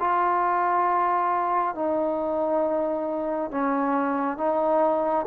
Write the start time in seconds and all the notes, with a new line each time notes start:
0.00 F4
1.75 D#4
3.51 C#4
4.38 D#4